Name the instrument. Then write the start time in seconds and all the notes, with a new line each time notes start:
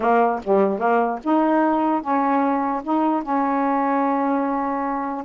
saxophone
0.00 A#3
0.43 G3
0.79 A#3
1.23 D#4
2.01 C#4
2.83 D#4
3.22 C#4